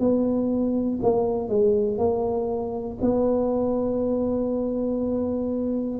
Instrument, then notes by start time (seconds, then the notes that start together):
tuba
0.00 B3
1.03 A#3
1.50 G#3
1.98 A#3
3.02 B3